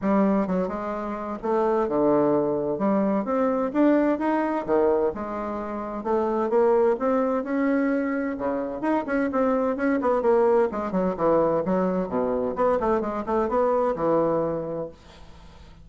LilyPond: \new Staff \with { instrumentName = "bassoon" } { \time 4/4 \tempo 4 = 129 g4 fis8 gis4. a4 | d2 g4 c'4 | d'4 dis'4 dis4 gis4~ | gis4 a4 ais4 c'4 |
cis'2 cis4 dis'8 cis'8 | c'4 cis'8 b8 ais4 gis8 fis8 | e4 fis4 b,4 b8 a8 | gis8 a8 b4 e2 | }